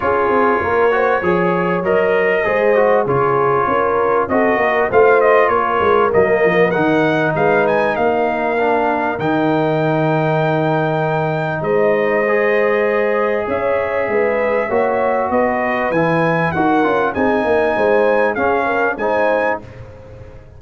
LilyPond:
<<
  \new Staff \with { instrumentName = "trumpet" } { \time 4/4 \tempo 4 = 98 cis''2. dis''4~ | dis''4 cis''2 dis''4 | f''8 dis''8 cis''4 dis''4 fis''4 | f''8 gis''8 f''2 g''4~ |
g''2. dis''4~ | dis''2 e''2~ | e''4 dis''4 gis''4 fis''4 | gis''2 f''4 gis''4 | }
  \new Staff \with { instrumentName = "horn" } { \time 4/4 gis'4 ais'8 c''8 cis''2 | c''4 gis'4 ais'4 a'8 ais'8 | c''4 ais'2. | b'4 ais'2.~ |
ais'2. c''4~ | c''2 cis''4 b'4 | cis''4 b'2 ais'4 | gis'8 ais'8 c''4 gis'8 ais'8 c''4 | }
  \new Staff \with { instrumentName = "trombone" } { \time 4/4 f'4. fis'8 gis'4 ais'4 | gis'8 fis'8 f'2 fis'4 | f'2 ais4 dis'4~ | dis'2 d'4 dis'4~ |
dis'1 | gis'1 | fis'2 e'4 fis'8 f'8 | dis'2 cis'4 dis'4 | }
  \new Staff \with { instrumentName = "tuba" } { \time 4/4 cis'8 c'8 ais4 f4 fis4 | gis4 cis4 cis'4 c'8 ais8 | a4 ais8 gis8 fis8 f8 dis4 | gis4 ais2 dis4~ |
dis2. gis4~ | gis2 cis'4 gis4 | ais4 b4 e4 dis'8 cis'8 | c'8 ais8 gis4 cis'4 gis4 | }
>>